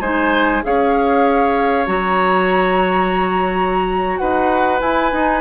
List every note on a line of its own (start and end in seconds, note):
0.00 0.62 G#3
0.00 0.62 D#4
0.00 0.62 C5
0.00 0.62 G#5
0.62 1.87 C#4
0.62 1.86 G#4
0.62 4.20 C#5
0.62 1.86 F5
1.86 4.19 F#3
1.86 4.79 F#4
1.86 4.17 A#5
4.17 4.80 D#4
4.17 5.40 B4
4.17 4.79 F#5
4.80 5.11 E4
4.80 5.12 E4
4.80 5.40 G#5
5.12 5.40 D#4